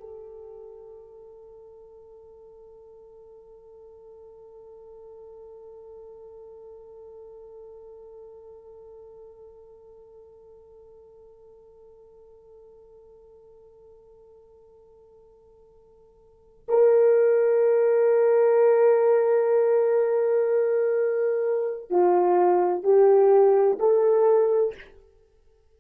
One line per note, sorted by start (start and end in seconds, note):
0.00 16.67 A4
16.68 21.90 A#4
21.90 22.84 F4
22.84 23.79 G4
23.80 24.75 A4